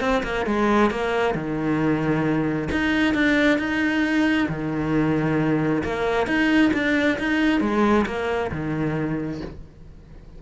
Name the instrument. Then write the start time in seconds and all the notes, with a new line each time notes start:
cello
0.00 C4
0.23 A#3
0.46 G#3
0.90 A#3
1.34 D#3
2.71 D#4
3.14 D4
3.58 D#4
4.48 D#3
5.83 A#3
6.26 D#4
6.73 D4
7.18 D#4
7.60 G#3
8.06 A#3
8.51 D#3